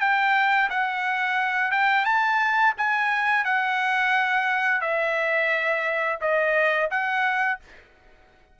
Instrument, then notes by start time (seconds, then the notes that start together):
trumpet
0.00 G5
0.69 F#5
1.71 G5
2.04 A5
2.77 G#5
3.44 F#5
4.81 E5
6.21 D#5
6.90 F#5